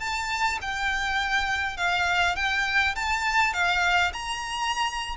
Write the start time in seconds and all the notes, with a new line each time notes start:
0.00 A5
0.61 G5
1.77 F5
2.36 G5
2.95 A5
3.53 F5
4.13 A#5